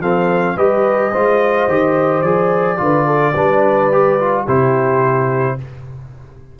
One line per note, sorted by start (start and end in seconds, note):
0.00 0.56 F3
0.00 0.57 C4
0.00 0.56 A4
0.00 0.58 F5
0.56 1.12 G3
0.56 1.13 G4
0.56 1.12 B4
0.56 2.22 D#5
1.12 1.68 G#3
1.12 1.69 F4
1.12 2.78 C5
1.68 2.23 D#3
1.68 2.25 G4
2.22 2.78 F3
2.22 2.78 G#4
2.22 4.44 D5
2.78 3.35 D3
2.78 3.33 F4
2.78 3.07 B4
3.07 3.35 A4
3.35 4.47 G3
3.35 3.91 D4
3.35 4.45 B4
3.91 4.19 G4
4.20 4.47 F4
4.45 5.59 C3
4.45 5.59 E4
4.45 5.56 G4
4.45 5.60 C5